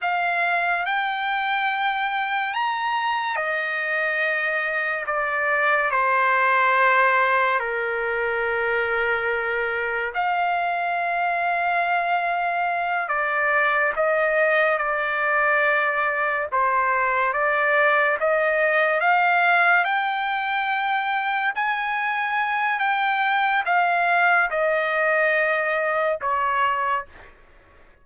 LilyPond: \new Staff \with { instrumentName = "trumpet" } { \time 4/4 \tempo 4 = 71 f''4 g''2 ais''4 | dis''2 d''4 c''4~ | c''4 ais'2. | f''2.~ f''8 d''8~ |
d''8 dis''4 d''2 c''8~ | c''8 d''4 dis''4 f''4 g''8~ | g''4. gis''4. g''4 | f''4 dis''2 cis''4 | }